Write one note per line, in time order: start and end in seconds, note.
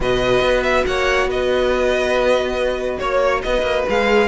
0.00 0.40 B2
0.00 3.87 F#4
0.00 0.86 B4
0.00 0.63 D#5
0.41 0.84 B3
0.63 0.84 E5
0.86 1.26 A#3
0.86 1.30 C#5
0.86 1.29 F#5
1.26 2.98 B3
1.26 2.99 B4
1.26 2.98 D#5
2.98 3.44 A#3
2.98 3.41 C#5
2.98 3.42 C#5
3.42 3.62 B3
3.42 4.27 B4
3.42 3.85 D#5
3.62 3.83 A#3
3.88 4.27 G#3
3.88 4.27 G#4
3.88 4.27 F5